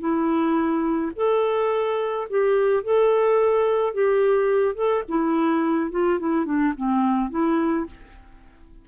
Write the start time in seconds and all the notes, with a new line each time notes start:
0.00 E4
1.16 A4
2.30 G4
2.83 A4
3.94 G4
4.75 A4
5.09 E4
5.91 F4
6.19 E4
6.45 D4
6.77 C4
7.30 E4